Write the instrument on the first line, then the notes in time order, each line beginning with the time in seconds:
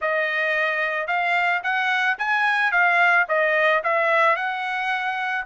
trumpet
0.01 D#5
1.07 F5
1.63 F#5
2.18 G#5
2.71 F5
3.28 D#5
3.83 E5
4.36 F#5